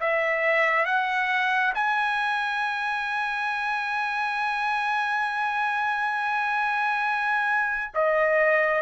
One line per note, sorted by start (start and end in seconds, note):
0.00 0.85 E5
0.85 1.73 F#5
1.74 7.92 G#5
7.94 8.82 D#5